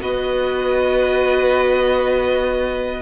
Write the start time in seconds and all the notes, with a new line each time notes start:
0.00 B3 F#4 B4 D#5